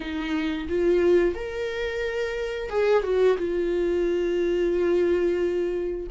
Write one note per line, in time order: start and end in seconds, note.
0.00 0.67 D#4
0.69 1.35 F4
1.35 2.69 A#4
2.69 3.03 G#4
3.03 3.37 F#4
3.37 6.07 F4